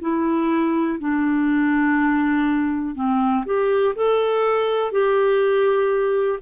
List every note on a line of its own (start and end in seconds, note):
0.00 0.98 E4
0.99 2.95 D4
2.95 3.44 C4
3.45 3.94 G4
3.95 4.91 A4
4.91 6.39 G4